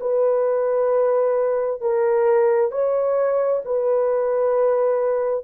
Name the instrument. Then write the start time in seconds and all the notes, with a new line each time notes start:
horn
0.00 B4
1.81 A#4
2.71 C#5
3.65 B4